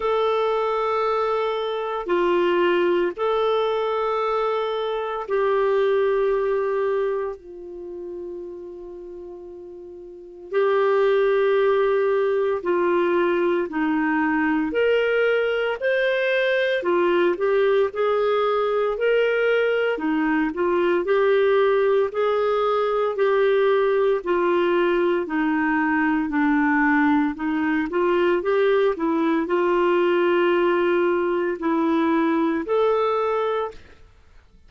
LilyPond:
\new Staff \with { instrumentName = "clarinet" } { \time 4/4 \tempo 4 = 57 a'2 f'4 a'4~ | a'4 g'2 f'4~ | f'2 g'2 | f'4 dis'4 ais'4 c''4 |
f'8 g'8 gis'4 ais'4 dis'8 f'8 | g'4 gis'4 g'4 f'4 | dis'4 d'4 dis'8 f'8 g'8 e'8 | f'2 e'4 a'4 | }